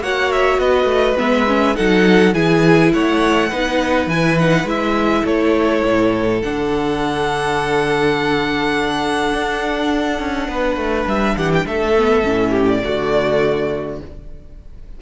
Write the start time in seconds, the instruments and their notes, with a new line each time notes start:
0.00 cello A#3, viola F#4, violin C#5 F#5
0.31 violin E5
0.58 cello B3, violin B4 D#5
0.84 cello A3
1.17 cello G#3, viola B3, violin E5
1.47 viola C#4
1.75 cello F#3, viola D#4, violin A4 F#5
2.33 cello E3, viola E4, violin G#4 G#5
2.93 cello A3, violin C#5 F#5
3.48 cello B3, viola D#4, violin B4
4.06 cello E3, viola E4, violin G#5
4.39 viola D#4, violin F#5
4.64 cello G#3, viola E4, violin E5
5.24 cello A3, violin A4 C#5
5.83 cello A2
6.41 cello D3, viola D4, violin F#5
9.33 cello D4
10.19 cello C#4
10.48 cello B3, violin B4
10.76 cello A3
11.06 cello G3, violin E5
11.36 cello E3, violin G4 F#5
11.54 violin G5
11.66 cello A3, violin A4 E5
11.96 viola B3
12.24 cello A2, viola C#4
12.49 violin G4
12.68 violin D5
12.84 cello D3, viola A3, violin F#4